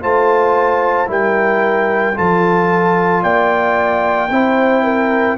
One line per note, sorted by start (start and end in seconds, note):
0.00 1.08 A3
0.00 1.06 F4
0.00 1.09 C5
0.00 1.09 A5
1.06 2.15 G3
1.06 2.13 E4
1.06 2.15 A#4
1.06 2.17 G5
2.14 3.23 F3
2.14 4.28 F4
2.14 3.22 A4
2.14 3.23 A5
3.22 4.30 A#3
3.22 4.29 D5
3.22 5.37 G5
4.30 5.37 C4
4.30 5.37 E4
4.30 4.83 C5
4.83 5.36 A#4